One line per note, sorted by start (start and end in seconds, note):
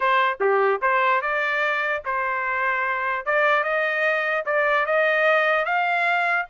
0.00 0.38 C5
0.40 0.81 G4
0.81 1.21 C5
1.21 2.03 D5
2.04 3.25 C5
3.25 3.63 D5
3.63 4.44 D#5
4.45 4.85 D5
4.85 5.65 D#5
5.65 6.46 F5